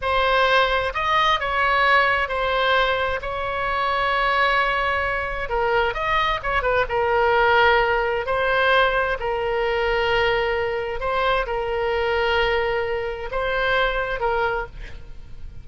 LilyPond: \new Staff \with { instrumentName = "oboe" } { \time 4/4 \tempo 4 = 131 c''2 dis''4 cis''4~ | cis''4 c''2 cis''4~ | cis''1 | ais'4 dis''4 cis''8 b'8 ais'4~ |
ais'2 c''2 | ais'1 | c''4 ais'2.~ | ais'4 c''2 ais'4 | }